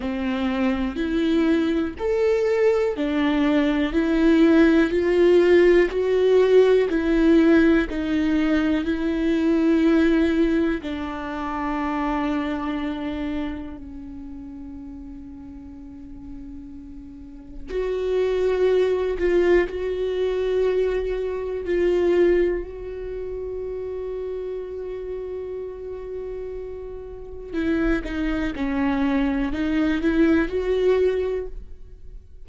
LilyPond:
\new Staff \with { instrumentName = "viola" } { \time 4/4 \tempo 4 = 61 c'4 e'4 a'4 d'4 | e'4 f'4 fis'4 e'4 | dis'4 e'2 d'4~ | d'2 cis'2~ |
cis'2 fis'4. f'8 | fis'2 f'4 fis'4~ | fis'1 | e'8 dis'8 cis'4 dis'8 e'8 fis'4 | }